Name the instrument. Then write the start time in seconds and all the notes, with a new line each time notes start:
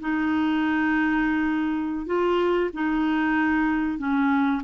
clarinet
0.00 D#4
2.06 F4
2.73 D#4
3.98 C#4